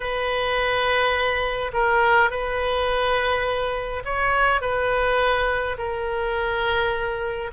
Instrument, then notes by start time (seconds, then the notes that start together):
oboe
0.00 B4
1.73 A#4
2.30 B4
4.04 C#5
4.61 B4
5.78 A#4